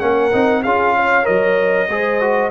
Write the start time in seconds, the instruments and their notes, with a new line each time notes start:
0.00 tuba A#3, trombone C#4, horn A#4, trumpet F#5
0.33 tuba C4, trombone D#4
0.63 tuba C#4, trombone F4, horn G#4, trumpet F5
0.96 horn C#5
1.23 tuba F#3, trombone A#4, trumpet D#5
1.88 tuba G#3, trombone G#4, horn C5
2.20 trombone F#4